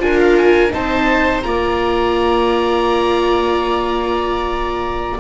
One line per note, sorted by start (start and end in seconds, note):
0.00 0.72 D4
0.00 0.71 F4
0.00 0.75 A#4
0.00 0.19 G#5
0.19 0.37 F5
0.38 0.74 G#5
0.71 1.45 C4
0.71 1.42 D#4
0.71 1.46 C5
0.71 1.43 A5
1.43 5.20 A#3
1.43 5.19 F4
1.43 5.20 D5
1.43 5.18 A#5